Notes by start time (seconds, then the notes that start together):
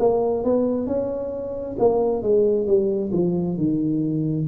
0.00 A#3
0.44 B3
0.87 C#4
1.79 A#3
2.23 G#3
2.67 G3
3.13 F3
3.58 D#3